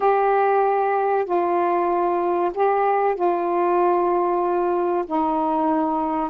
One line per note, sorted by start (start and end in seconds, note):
0.00 1.25 G4
1.25 2.51 F4
2.54 3.15 G4
3.15 5.04 F4
5.06 6.30 D#4